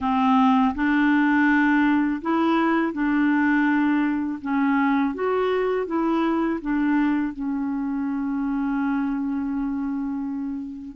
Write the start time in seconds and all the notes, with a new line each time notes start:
0.00 C4
0.75 D4
2.21 E4
2.92 D4
4.41 C#4
5.14 F#4
5.86 E4
6.61 D4
7.33 C#4